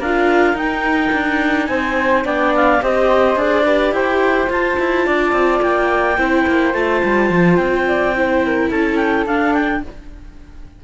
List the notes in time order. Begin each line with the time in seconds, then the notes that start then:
0.00 D4 F4 A#4 F5
0.54 D#4 G5
1.12 D4
1.66 C4 C5 G#5
2.24 B3 D4 D5 G5
2.55 F5
2.81 C4 G4 C5 D#5
3.36 D4 G#4 D5
3.65 G4 B4
3.91 E4 C5 G5
4.47 F4 A5
4.79 E4
5.05 D4 D5
5.32 C4
5.62 A#3 G5
6.17 C4 E4 C5
6.47 A#3
6.73 A3 F4 A5
7.04 G3
7.30 F3
7.56 C4 G5
7.87 D5
8.16 E4 C5
8.45 A#4
8.70 C#4 A4 A5
8.96 G5
9.26 D4 F5
9.54 G5